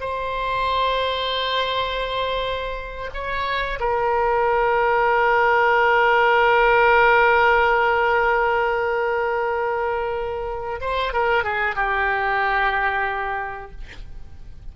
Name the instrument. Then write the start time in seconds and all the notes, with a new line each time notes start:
oboe
0.00 C5
3.14 C#5
3.79 A#4
10.80 C5
11.13 A#4
11.44 G#4
11.75 G4